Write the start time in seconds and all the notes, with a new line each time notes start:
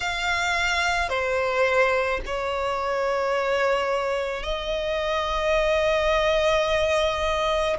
0.00 F5
1.09 C5
2.25 C#5
4.43 D#5